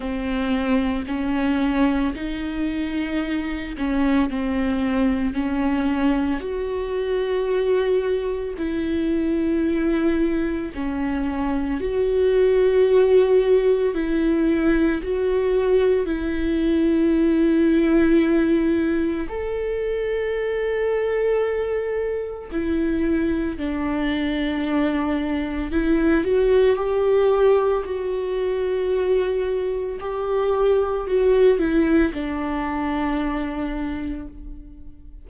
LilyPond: \new Staff \with { instrumentName = "viola" } { \time 4/4 \tempo 4 = 56 c'4 cis'4 dis'4. cis'8 | c'4 cis'4 fis'2 | e'2 cis'4 fis'4~ | fis'4 e'4 fis'4 e'4~ |
e'2 a'2~ | a'4 e'4 d'2 | e'8 fis'8 g'4 fis'2 | g'4 fis'8 e'8 d'2 | }